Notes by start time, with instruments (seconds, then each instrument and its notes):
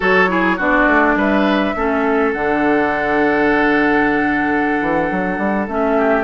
0.00 bassoon F#3, clarinet F#4, oboe A4, flute C#5
0.28 clarinet E4, oboe G#4
0.56 bassoon B3, clarinet D4, oboe F#4, flute D5
0.86 bassoon A3
1.15 bassoon G3, oboe B4, flute E5
1.76 bassoon A3, clarinet C#4, oboe A4
2.32 bassoon D3, clarinet D4, flute F#5
4.81 bassoon E3
5.11 bassoon F#3
5.38 bassoon G3
5.68 bassoon A3, clarinet C#4, flute E5
5.97 oboe G4